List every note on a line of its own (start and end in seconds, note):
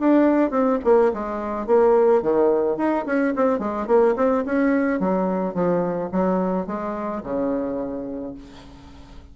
0.00 0.51 D4
0.51 0.79 C4
0.84 1.12 A#3
1.14 1.67 G#3
1.67 2.22 A#3
2.22 2.77 D#3
2.77 3.05 D#4
3.06 3.34 C#4
3.36 3.59 C4
3.59 3.87 G#3
3.87 4.15 A#3
4.17 4.44 C4
4.46 5.00 C#4
5.00 5.54 F#3
5.54 6.10 F3
6.12 6.67 F#3
6.67 7.22 G#3
7.23 8.35 C#3